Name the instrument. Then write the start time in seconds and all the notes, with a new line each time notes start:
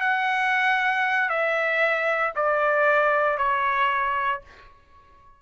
trumpet
0.00 F#5
1.29 E5
2.35 D5
3.37 C#5